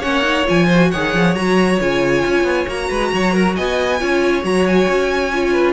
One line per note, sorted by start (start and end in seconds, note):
0.00 0.48 A#3
0.00 0.22 C#4
0.00 0.66 C#5
0.00 0.47 F#5
0.22 0.44 D#4
0.46 0.94 F3
0.46 0.68 F4
0.46 0.91 G#5
0.67 0.89 C5
0.73 0.94 F#4
0.91 1.14 D#3
0.91 1.36 G#4
0.91 2.89 C#5
0.91 1.35 F#5
1.14 1.35 F3
1.35 1.79 F#3
1.35 1.80 F#4
1.35 1.79 A#5
1.80 2.24 C#3
1.80 2.67 F4
1.80 2.69 G#5
2.25 2.43 C#4
2.43 2.66 B3
2.67 2.89 A#3
2.67 3.99 F#4
2.67 3.56 A#5
2.89 3.13 G#3
2.89 3.11 B4
3.14 3.58 F#3
3.14 3.33 C#5
3.33 3.55 A#4
3.56 4.02 B3
3.56 4.00 D#5
3.56 4.44 G#5
4.00 4.44 C#4
4.00 4.42 F4
4.00 5.52 C#5
4.42 4.88 F#3
4.42 5.30 F#4
4.42 4.67 A#5
4.67 5.73 G#5
4.88 5.73 C#4
5.34 5.73 F4
5.52 5.73 B4